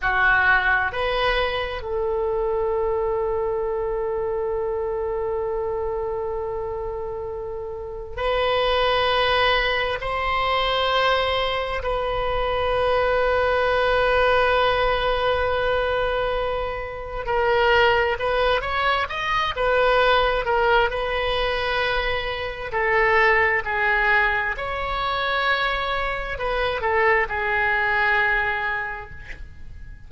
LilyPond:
\new Staff \with { instrumentName = "oboe" } { \time 4/4 \tempo 4 = 66 fis'4 b'4 a'2~ | a'1~ | a'4 b'2 c''4~ | c''4 b'2.~ |
b'2. ais'4 | b'8 cis''8 dis''8 b'4 ais'8 b'4~ | b'4 a'4 gis'4 cis''4~ | cis''4 b'8 a'8 gis'2 | }